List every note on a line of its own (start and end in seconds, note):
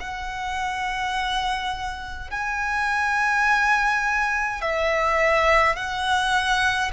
0.00 2.30 F#5
2.30 4.61 G#5
4.61 5.76 E5
5.76 6.91 F#5